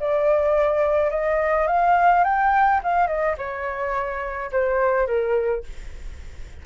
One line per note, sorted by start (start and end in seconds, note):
0.00 1.11 D5
1.11 1.67 D#5
1.68 2.24 F5
2.24 2.81 G5
2.83 3.08 F5
3.08 3.36 D#5
3.38 4.51 C#5
4.52 5.07 C5
5.07 5.64 A#4